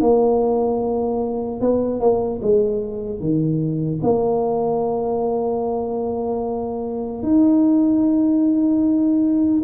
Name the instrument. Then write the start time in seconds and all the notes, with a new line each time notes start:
tuba
0.00 A#3
1.60 B3
2.00 A#3
2.41 G#3
3.20 D#3
4.03 A#3
7.22 D#4